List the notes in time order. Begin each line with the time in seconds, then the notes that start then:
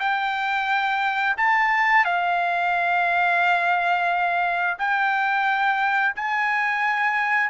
0.00 G5
1.37 A5
2.05 F5
4.79 G5
6.16 G#5